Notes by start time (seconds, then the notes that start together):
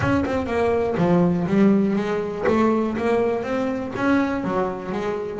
0.00 C#4
0.25 C4
0.46 A#3
0.97 F3
1.47 G3
1.96 G#3
2.47 A3
2.97 A#3
3.43 C4
3.96 C#4
4.44 F#3
4.92 G#3